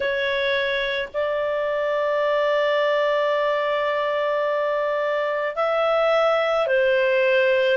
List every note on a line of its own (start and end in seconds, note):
0.00 1.08 C#5
1.13 5.56 D5
5.56 6.67 E5
6.67 7.77 C5